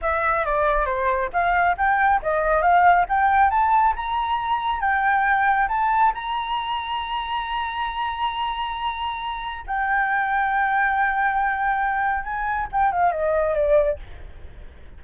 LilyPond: \new Staff \with { instrumentName = "flute" } { \time 4/4 \tempo 4 = 137 e''4 d''4 c''4 f''4 | g''4 dis''4 f''4 g''4 | a''4 ais''2 g''4~ | g''4 a''4 ais''2~ |
ais''1~ | ais''2 g''2~ | g''1 | gis''4 g''8 f''8 dis''4 d''4 | }